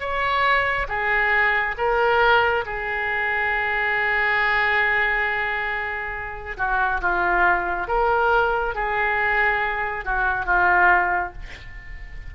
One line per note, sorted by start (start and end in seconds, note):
0.00 0.87 C#5
0.88 1.75 G#4
1.77 2.64 A#4
2.65 6.57 G#4
6.57 7.00 F#4
7.01 7.87 F4
7.87 8.74 A#4
8.75 10.04 G#4
10.04 10.45 F#4
10.45 11.32 F4